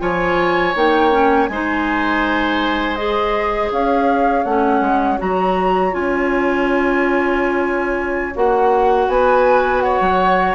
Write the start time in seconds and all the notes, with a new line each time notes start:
0.00 F3 F4 C#5 G#5
0.75 A#3 D#4 G5
1.12 C#4
1.47 G#3 D#4 C5 G#5
2.96 G#4 D#5
3.72 C#4 C#5 F5
4.44 A3 C#4 F#5
4.81 G#3
5.19 F#3 F#4 A#5
5.92 C#4 F4 G#5
8.35 A#3 F#4 F#5
9.08 B3 B4 G#5
9.81 C#5 F#5
10.01 F#3